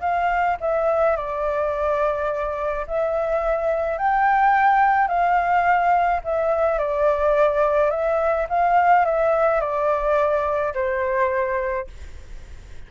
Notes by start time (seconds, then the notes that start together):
0.00 F5
0.60 E5
1.16 D5
2.87 E5
3.98 G5
5.07 F5
6.24 E5
6.78 D5
7.90 E5
8.49 F5
9.05 E5
9.60 D5
10.74 C5